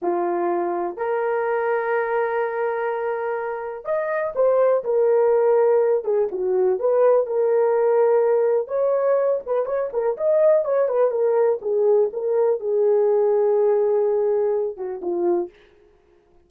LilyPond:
\new Staff \with { instrumentName = "horn" } { \time 4/4 \tempo 4 = 124 f'2 ais'2~ | ais'1 | dis''4 c''4 ais'2~ | ais'8 gis'8 fis'4 b'4 ais'4~ |
ais'2 cis''4. b'8 | cis''8 ais'8 dis''4 cis''8 b'8 ais'4 | gis'4 ais'4 gis'2~ | gis'2~ gis'8 fis'8 f'4 | }